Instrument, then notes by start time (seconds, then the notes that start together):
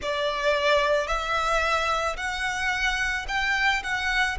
violin
0.01 D5
1.07 E5
2.17 F#5
3.28 G5
3.83 F#5